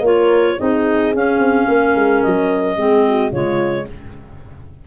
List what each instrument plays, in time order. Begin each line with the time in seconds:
0.00 tuba A#3, clarinet F4 C#5, horn A#4
0.58 tuba C4, clarinet D#4 D#5, horn G#4
1.14 tuba C#4, clarinet C#4 F5
1.39 tuba C4
1.68 tuba A#3, horn A#4
1.95 tuba G#3
2.22 tuba F#3, clarinet D#5
2.77 tuba G#3, clarinet C4, horn G#4
3.08 horn F#4
3.31 tuba C#3, clarinet G#3 C#5, horn F4